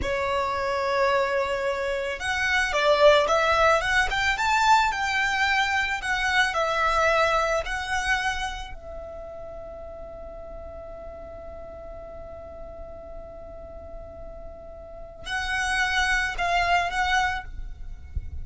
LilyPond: \new Staff \with { instrumentName = "violin" } { \time 4/4 \tempo 4 = 110 cis''1 | fis''4 d''4 e''4 fis''8 g''8 | a''4 g''2 fis''4 | e''2 fis''2 |
e''1~ | e''1~ | e''1 | fis''2 f''4 fis''4 | }